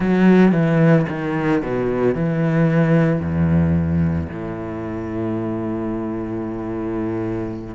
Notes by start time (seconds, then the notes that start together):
0.00 F#3
0.52 E3
1.08 D#3
1.62 B2
2.14 E3
3.20 E2
4.28 A2